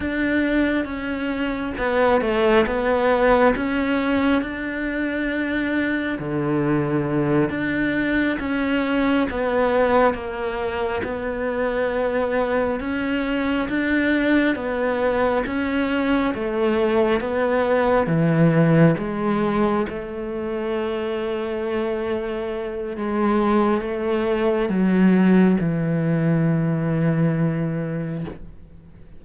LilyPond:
\new Staff \with { instrumentName = "cello" } { \time 4/4 \tempo 4 = 68 d'4 cis'4 b8 a8 b4 | cis'4 d'2 d4~ | d8 d'4 cis'4 b4 ais8~ | ais8 b2 cis'4 d'8~ |
d'8 b4 cis'4 a4 b8~ | b8 e4 gis4 a4.~ | a2 gis4 a4 | fis4 e2. | }